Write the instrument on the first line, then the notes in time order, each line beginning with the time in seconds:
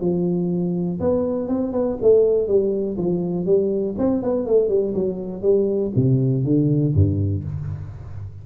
tuba
0.00 F3
1.00 B3
1.48 C4
1.72 B3
2.01 A3
2.47 G3
2.97 F3
3.45 G3
3.98 C4
4.22 B3
4.46 A3
4.68 G3
4.94 F#3
5.42 G3
5.95 C3
6.44 D3
6.94 G2